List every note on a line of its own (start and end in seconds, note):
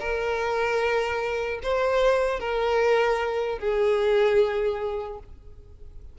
0.00 1.60 A#4
1.63 2.39 C5
2.39 3.59 A#4
3.59 5.19 G#4